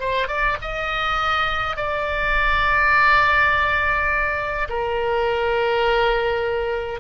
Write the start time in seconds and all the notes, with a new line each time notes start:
0.00 C5
0.27 D5
0.62 D#5
1.76 D5
4.69 A#4